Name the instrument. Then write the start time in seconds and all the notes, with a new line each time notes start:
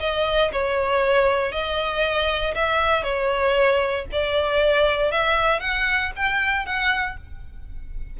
violin
0.00 D#5
0.52 C#5
1.52 D#5
2.55 E5
3.03 C#5
4.12 D5
5.12 E5
5.60 F#5
6.16 G5
6.66 F#5